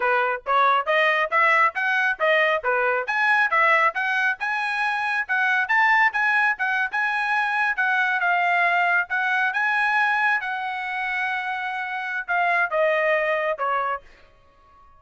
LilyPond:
\new Staff \with { instrumentName = "trumpet" } { \time 4/4 \tempo 4 = 137 b'4 cis''4 dis''4 e''4 | fis''4 dis''4 b'4 gis''4 | e''4 fis''4 gis''2 | fis''4 a''4 gis''4 fis''8. gis''16~ |
gis''4.~ gis''16 fis''4 f''4~ f''16~ | f''8. fis''4 gis''2 fis''16~ | fis''1 | f''4 dis''2 cis''4 | }